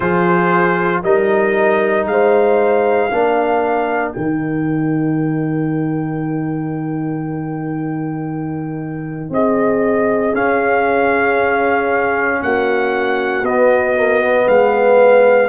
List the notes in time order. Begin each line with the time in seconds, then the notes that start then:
0.00 F3 F4 G#4 C5
1.02 G3 D#4 A#4 D#5
2.05 G#3 C5 F5
3.11 A#3 D4 A#4
4.12 D#3 D#4 G5
9.29 C4 G#4 D#5
10.33 C#4 F5
12.42 A#3 F#4 F#5
13.42 B3 D#5
13.96 A#3
14.20 B3
14.46 G#3 B4 F5